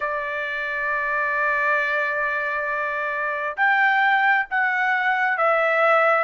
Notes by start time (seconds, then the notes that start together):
0.00 D5
3.56 G5
4.50 F#5
5.37 E5